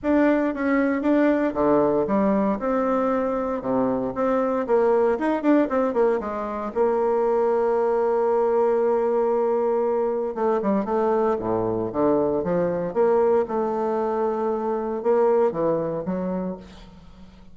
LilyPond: \new Staff \with { instrumentName = "bassoon" } { \time 4/4 \tempo 4 = 116 d'4 cis'4 d'4 d4 | g4 c'2 c4 | c'4 ais4 dis'8 d'8 c'8 ais8 | gis4 ais2.~ |
ais1 | a8 g8 a4 a,4 d4 | f4 ais4 a2~ | a4 ais4 e4 fis4 | }